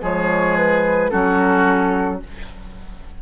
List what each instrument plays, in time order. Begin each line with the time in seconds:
0.00 bassoon F3, clarinet G#3, oboe G#4, flute C#5
0.57 flute B4
1.10 bassoon F#3, clarinet C#4, oboe F#4, flute A4